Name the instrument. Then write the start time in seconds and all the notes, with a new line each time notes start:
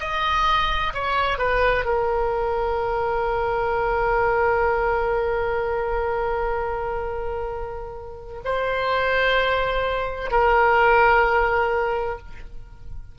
oboe
0.00 D#5
0.95 C#5
1.38 B4
1.85 A#4
8.45 C5
10.32 A#4